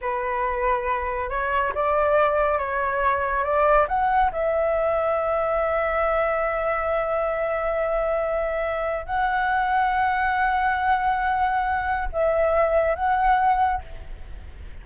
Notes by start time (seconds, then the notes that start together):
0.01 B4
1.29 C#5
1.74 D5
2.58 C#5
3.43 D5
3.88 F#5
4.31 E5
9.06 F#5
12.12 E5
12.95 F#5